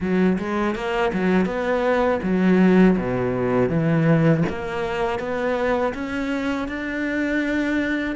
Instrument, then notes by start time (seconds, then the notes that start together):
cello
0.00 F#3
0.38 G#3
0.75 A#3
1.13 F#3
1.45 B3
2.22 F#3
2.97 B2
3.69 E3
4.49 A#3
5.19 B3
5.94 C#4
6.67 D4